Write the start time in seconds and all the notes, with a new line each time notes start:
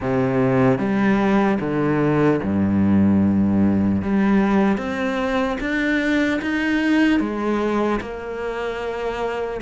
0.00 C3
0.78 G3
1.60 D3
2.42 G2
4.01 G3
4.77 C4
5.60 D4
6.41 D#4
7.20 G#3
8.00 A#3